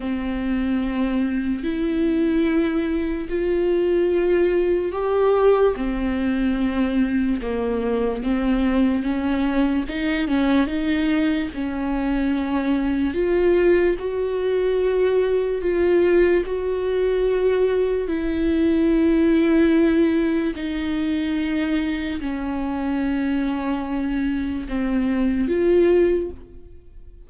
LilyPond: \new Staff \with { instrumentName = "viola" } { \time 4/4 \tempo 4 = 73 c'2 e'2 | f'2 g'4 c'4~ | c'4 ais4 c'4 cis'4 | dis'8 cis'8 dis'4 cis'2 |
f'4 fis'2 f'4 | fis'2 e'2~ | e'4 dis'2 cis'4~ | cis'2 c'4 f'4 | }